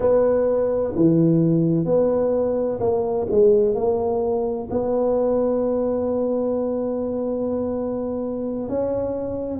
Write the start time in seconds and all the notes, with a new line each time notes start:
0.00 B3
0.95 E3
1.85 B3
2.80 A#3
3.30 G#3
3.75 A#3
4.70 B3
8.68 C#4